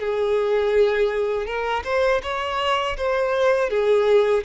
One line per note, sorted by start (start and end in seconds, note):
0.00 1.46 G#4
1.46 1.84 A#4
1.85 2.22 C5
2.23 2.97 C#5
2.97 3.70 C5
3.70 4.44 G#4